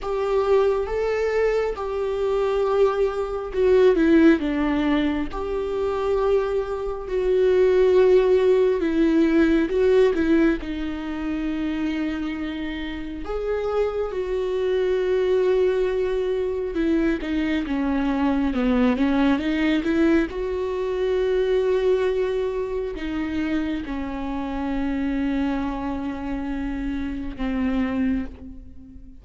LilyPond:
\new Staff \with { instrumentName = "viola" } { \time 4/4 \tempo 4 = 68 g'4 a'4 g'2 | fis'8 e'8 d'4 g'2 | fis'2 e'4 fis'8 e'8 | dis'2. gis'4 |
fis'2. e'8 dis'8 | cis'4 b8 cis'8 dis'8 e'8 fis'4~ | fis'2 dis'4 cis'4~ | cis'2. c'4 | }